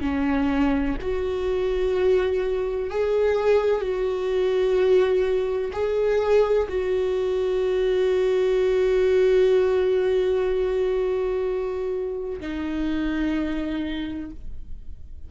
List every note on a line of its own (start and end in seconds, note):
0.00 0.95 C#4
1.01 2.90 F#4
2.90 3.81 G#4
3.81 5.71 F#4
5.72 6.68 G#4
6.68 12.40 F#4
12.40 14.30 D#4